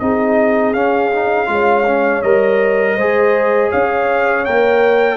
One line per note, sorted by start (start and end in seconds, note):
0.00 0.75 C4
0.00 0.75 D#4
0.00 1.51 G#4
0.00 0.74 D#5
0.74 1.49 C#4
0.74 1.12 C#4
0.74 2.22 F5
1.12 1.47 D#4
1.47 2.23 G#3
1.47 1.84 F4
1.47 2.96 C#5
1.87 2.24 C#4
2.22 2.97 G3
2.22 2.98 A#4
2.22 3.70 D#5
2.96 3.71 G#3
2.96 4.47 G#4
2.96 3.70 C5
3.70 4.48 C#4
3.70 5.18 C#5
3.70 4.46 F5
4.46 5.18 A#3
4.46 5.18 A#4
4.46 5.18 G5